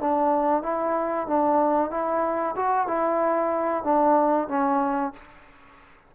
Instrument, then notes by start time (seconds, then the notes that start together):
trombone
0.00 D4
0.62 E4
1.27 D4
1.90 E4
2.56 F#4
2.87 E4
3.84 D4
4.48 C#4